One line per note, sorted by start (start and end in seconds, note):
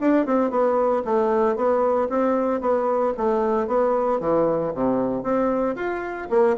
0.00 0.26 D4
0.26 0.50 C4
0.50 1.03 B3
1.05 1.56 A3
1.56 2.08 B3
2.09 2.61 C4
2.61 3.13 B3
3.17 3.67 A3
3.67 4.20 B3
4.20 4.72 E3
4.74 5.23 C3
5.23 5.76 C4
5.76 6.28 F4
6.30 6.56 A#3